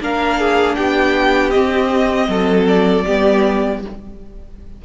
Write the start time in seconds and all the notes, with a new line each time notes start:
0.00 A#3 D4 A#4 F5
0.39 G#4
0.75 B3 G4 G5
1.50 C4 D#5
2.27 F#3 A4
2.67 D5
3.05 G3 B3 G4